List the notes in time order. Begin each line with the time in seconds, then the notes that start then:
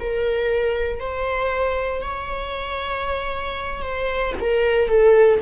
0.00 A#4
1.00 C5
2.01 C#5
3.82 C5
4.40 A#4
4.88 A4